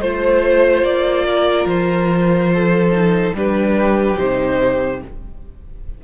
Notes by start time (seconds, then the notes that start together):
0.00 A3 F4 C5
0.82 A#3 D5
1.29 A#4
1.65 F3 C5
2.53 A4
2.91 D#4
3.34 G3 D4 G4 B4
4.18 C3 D#4 C5